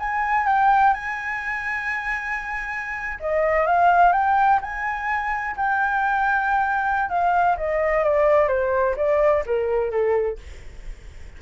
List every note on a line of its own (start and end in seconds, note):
0.00 0.47 G#5
0.47 0.94 G5
0.94 3.18 G#5
3.21 3.67 D#5
3.67 4.13 F5
4.13 4.60 G5
4.62 5.56 G#5
5.57 7.10 G5
7.10 7.57 F5
7.58 8.04 D#5
8.04 8.48 D5
8.48 8.96 C5
8.97 9.44 D5
9.46 9.91 A#4
9.91 10.38 A4